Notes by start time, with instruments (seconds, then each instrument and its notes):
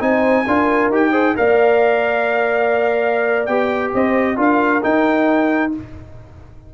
0.00 tuba C4, trombone D#4, horn C5, trumpet G#5
0.47 tuba D4, trombone F4, horn A#4
0.90 tuba D#4, trombone G4, trumpet G5
1.11 trombone G#4, horn C5
1.35 tuba A#3, trombone A#4, horn D5, trumpet F5
3.46 tuba B3, trombone G4, trumpet G5
3.94 tuba C4, horn C5, trumpet D#5
4.36 tuba D4, trombone F4, horn A#4, trumpet F5
4.82 trombone D#4, tuba D#4, trumpet G5